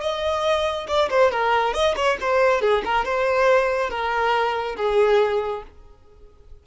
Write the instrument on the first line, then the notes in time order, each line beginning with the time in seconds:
violin
0.00 D#5
0.87 D5
1.09 C5
1.31 A#4
1.73 D#5
1.96 C#5
2.21 C5
2.61 G#4
2.84 A#4
3.04 C5
3.89 A#4
4.76 G#4